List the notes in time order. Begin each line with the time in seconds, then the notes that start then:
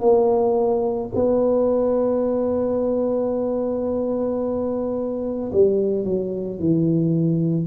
0.00 A#3
1.15 B3
5.52 G3
6.04 F#3
6.59 E3